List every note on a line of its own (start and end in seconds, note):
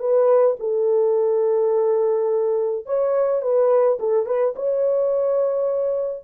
0.00 0.57 B4
0.60 2.86 A4
2.86 3.42 C#5
3.42 3.99 B4
4.00 4.26 A4
4.26 4.54 B4
4.56 6.24 C#5